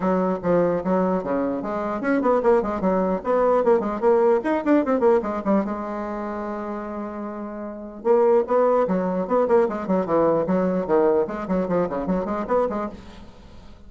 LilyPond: \new Staff \with { instrumentName = "bassoon" } { \time 4/4 \tempo 4 = 149 fis4 f4 fis4 cis4 | gis4 cis'8 b8 ais8 gis8 fis4 | b4 ais8 gis8 ais4 dis'8 d'8 | c'8 ais8 gis8 g8 gis2~ |
gis1 | ais4 b4 fis4 b8 ais8 | gis8 fis8 e4 fis4 dis4 | gis8 fis8 f8 cis8 fis8 gis8 b8 gis8 | }